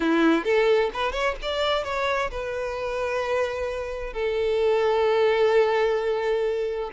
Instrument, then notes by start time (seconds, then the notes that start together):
violin
0.00 E4
0.44 A4
0.93 B4
1.12 C#5
1.42 D5
1.84 C#5
2.31 B4
4.13 A4